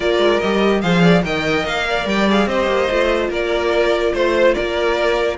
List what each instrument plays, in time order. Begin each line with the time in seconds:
0.00 cello A#3, viola F4, violin A#4 D5
0.18 cello G#3
0.39 cello G3, viola G4, violin D#5
0.81 cello F3, viola G#4, violin C5 F5
1.01 violin D5
1.23 cello D#3, viola A#4, violin D#5 G5
1.65 cello A#3, violin F5
1.88 violin D5
2.05 cello G3, violin G5
2.29 viola G#4, violin F5
2.46 cello C4, viola G4, violin C5 D#5
2.67 cello A#3
2.90 cello A3, viola F4
3.29 cello A#3, violin A#4 D5
4.13 cello A3, violin C5
4.53 cello A#3, violin A#4 D5